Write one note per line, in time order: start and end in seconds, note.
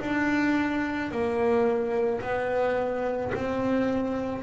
0.00 1.11 D4
1.12 2.21 A#3
2.21 3.32 B3
3.35 4.43 C4